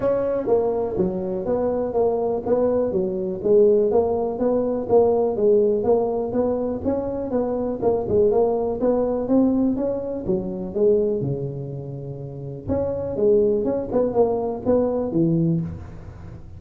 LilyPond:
\new Staff \with { instrumentName = "tuba" } { \time 4/4 \tempo 4 = 123 cis'4 ais4 fis4 b4 | ais4 b4 fis4 gis4 | ais4 b4 ais4 gis4 | ais4 b4 cis'4 b4 |
ais8 gis8 ais4 b4 c'4 | cis'4 fis4 gis4 cis4~ | cis2 cis'4 gis4 | cis'8 b8 ais4 b4 e4 | }